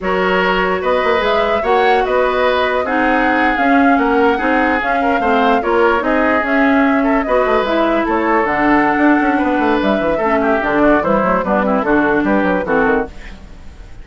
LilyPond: <<
  \new Staff \with { instrumentName = "flute" } { \time 4/4 \tempo 4 = 147 cis''2 dis''4 e''4 | fis''4 dis''2 fis''4~ | fis''8. f''4 fis''2 f''16~ | f''4.~ f''16 cis''4 dis''4 e''16~ |
e''4.~ e''16 dis''4 e''4 cis''16~ | cis''8. fis''2.~ fis''16 | e''2 d''4 c''4 | b'4 a'4 b'4 a'4 | }
  \new Staff \with { instrumentName = "oboe" } { \time 4/4 ais'2 b'2 | cis''4 b'2 gis'4~ | gis'4.~ gis'16 ais'4 gis'4~ gis'16~ | gis'16 ais'8 c''4 ais'4 gis'4~ gis'16~ |
gis'4~ gis'16 a'8 b'2 a'16~ | a'2. b'4~ | b'4 a'8 g'4 fis'8 e'4 | d'8 e'8 fis'4 g'4 fis'4 | }
  \new Staff \with { instrumentName = "clarinet" } { \time 4/4 fis'2. gis'4 | fis'2. dis'4~ | dis'8. cis'2 dis'4 cis'16~ | cis'8. c'4 f'4 dis'4 cis'16~ |
cis'4.~ cis'16 fis'4 e'4~ e'16~ | e'8. d'2.~ d'16~ | d'4 cis'4 d'4 g8 a8 | b8 c'8 d'2 c'4 | }
  \new Staff \with { instrumentName = "bassoon" } { \time 4/4 fis2 b8 ais8 gis4 | ais4 b2 c'4~ | c'8. cis'4 ais4 c'4 cis'16~ | cis'8. a4 ais4 c'4 cis'16~ |
cis'4.~ cis'16 b8 a8 gis4 a16~ | a8. d4~ d16 d'8 cis'8 b8 a8 | g8 e8 a4 d4 e8 fis8 | g4 d4 g8 fis8 e8 dis8 | }
>>